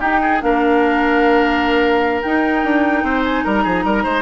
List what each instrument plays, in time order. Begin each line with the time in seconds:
0.00 clarinet D#4, bassoon D#4, oboe G4, flute G5
0.22 oboe G#4
0.41 bassoon A#3, clarinet D4, oboe A#4, flute F5
2.22 bassoon D#4, clarinet D#4, flute G5
2.64 bassoon D4
3.03 bassoon C4, oboe C5
3.25 flute G#5
3.44 bassoon G3, oboe A#4, flute A#5
3.64 bassoon F3, oboe G#4
3.84 bassoon G3, oboe A#4
4.04 bassoon G#3, oboe C5